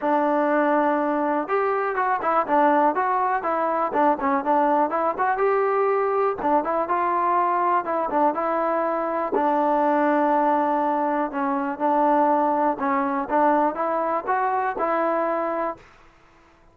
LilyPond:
\new Staff \with { instrumentName = "trombone" } { \time 4/4 \tempo 4 = 122 d'2. g'4 | fis'8 e'8 d'4 fis'4 e'4 | d'8 cis'8 d'4 e'8 fis'8 g'4~ | g'4 d'8 e'8 f'2 |
e'8 d'8 e'2 d'4~ | d'2. cis'4 | d'2 cis'4 d'4 | e'4 fis'4 e'2 | }